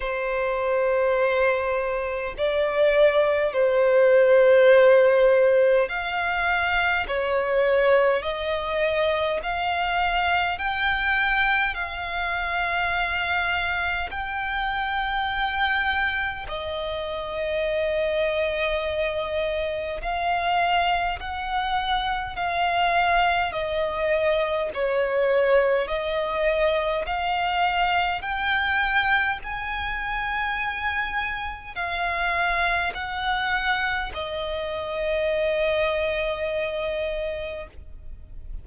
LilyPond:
\new Staff \with { instrumentName = "violin" } { \time 4/4 \tempo 4 = 51 c''2 d''4 c''4~ | c''4 f''4 cis''4 dis''4 | f''4 g''4 f''2 | g''2 dis''2~ |
dis''4 f''4 fis''4 f''4 | dis''4 cis''4 dis''4 f''4 | g''4 gis''2 f''4 | fis''4 dis''2. | }